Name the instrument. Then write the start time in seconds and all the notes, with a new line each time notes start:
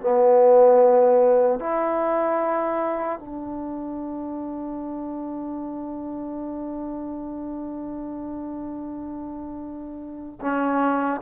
trombone
0.00 B3
1.59 E4
3.19 D4
10.41 C#4